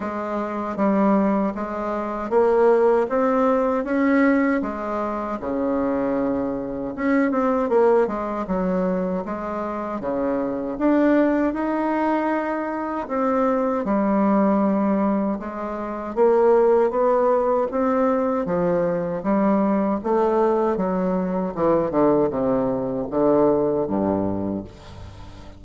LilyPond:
\new Staff \with { instrumentName = "bassoon" } { \time 4/4 \tempo 4 = 78 gis4 g4 gis4 ais4 | c'4 cis'4 gis4 cis4~ | cis4 cis'8 c'8 ais8 gis8 fis4 | gis4 cis4 d'4 dis'4~ |
dis'4 c'4 g2 | gis4 ais4 b4 c'4 | f4 g4 a4 fis4 | e8 d8 c4 d4 g,4 | }